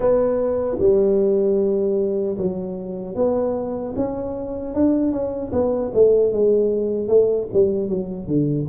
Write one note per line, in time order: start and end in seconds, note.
0.00 0.77 B3
0.79 2.37 G3
2.37 3.15 F#3
3.15 3.94 B3
3.96 4.74 C#4
4.74 5.12 D4
5.12 5.51 C#4
5.52 5.92 B3
5.94 6.32 A3
6.32 7.08 G#3
7.08 7.47 A3
7.53 7.88 G3
7.88 8.27 F#3
8.27 8.66 D3